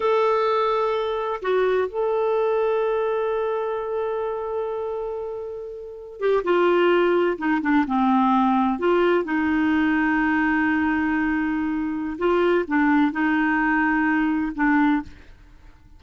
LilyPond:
\new Staff \with { instrumentName = "clarinet" } { \time 4/4 \tempo 4 = 128 a'2. fis'4 | a'1~ | a'1~ | a'4~ a'16 g'8 f'2 dis'16~ |
dis'16 d'8 c'2 f'4 dis'16~ | dis'1~ | dis'2 f'4 d'4 | dis'2. d'4 | }